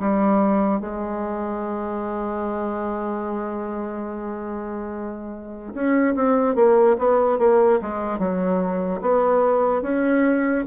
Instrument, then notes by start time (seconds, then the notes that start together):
bassoon
0.00 G3
0.81 G#3
5.74 C#4
6.15 C4
6.56 A#3
6.99 B3
7.39 A#3
7.82 G#3
8.19 F#3
9.01 B3
9.83 C#4